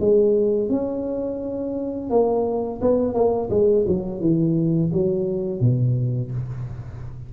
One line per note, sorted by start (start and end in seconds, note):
0.00 0.69 G#3
0.69 2.10 C#4
2.10 2.80 A#3
2.81 3.14 B3
3.14 3.49 A#3
3.50 3.86 G#3
3.88 4.21 F#3
4.21 4.91 E3
4.93 5.61 F#3
5.61 6.31 B2